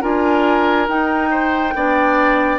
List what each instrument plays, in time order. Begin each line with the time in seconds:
0.00 bassoon D4, clarinet F4, oboe A#4, flute G#5
0.88 bassoon D#4, clarinet D#4, flute G5
1.30 oboe C5
1.74 bassoon B3, clarinet D4, oboe D5